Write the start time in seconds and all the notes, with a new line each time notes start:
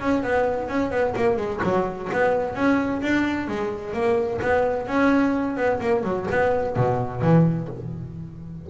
0.00 C#4
0.22 B3
0.68 C#4
0.91 B3
1.16 A#3
1.37 G#3
1.63 F#3
2.12 B3
2.55 C#4
3.01 D4
3.47 G#3
3.93 A#3
4.41 B3
4.87 C#4
5.56 B3
5.80 A#3
6.03 F#3
6.30 B3
6.76 B2
7.22 E3